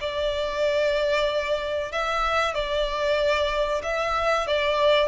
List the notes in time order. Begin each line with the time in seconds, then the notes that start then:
0.00 D5
1.91 E5
2.54 D5
3.83 E5
4.47 D5